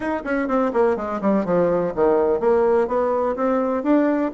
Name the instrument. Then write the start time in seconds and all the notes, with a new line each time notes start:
bassoon
0.00 D#4
0.24 C#4
0.47 C4
0.73 A#3
0.96 G#3
1.21 G3
1.45 F3
1.95 D#3
2.40 A#3
2.87 B3
3.36 C4
3.83 D4